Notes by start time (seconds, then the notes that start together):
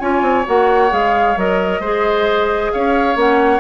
0.00 C#4 F4 C#5 G#5
0.22 C4
0.46 A#3 F#4 F#5
0.89 G#3 G#4 F5
1.37 F#3 A#4 D#5
1.80 G#3 G#4 C5
2.72 C#4 C#5 F5
3.16 A#3 C#4 F#5